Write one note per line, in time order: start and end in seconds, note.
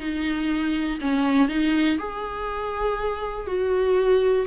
0.00 0.99 D#4
1.01 1.49 C#4
1.49 1.99 D#4
1.99 3.47 G#4
3.47 4.46 F#4